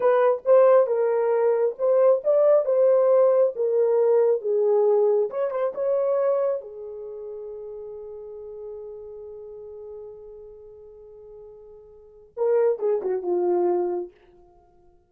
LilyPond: \new Staff \with { instrumentName = "horn" } { \time 4/4 \tempo 4 = 136 b'4 c''4 ais'2 | c''4 d''4 c''2 | ais'2 gis'2 | cis''8 c''8 cis''2 gis'4~ |
gis'1~ | gis'1~ | gis'1 | ais'4 gis'8 fis'8 f'2 | }